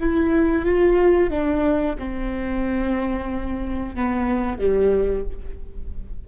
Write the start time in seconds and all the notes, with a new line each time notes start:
0.00 E4
0.65 F4
1.30 D4
1.98 C4
3.95 B3
4.59 G3